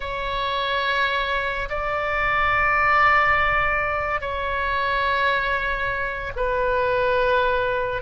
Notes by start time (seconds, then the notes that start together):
0.00 C#5
1.69 D5
4.20 C#5
6.36 B4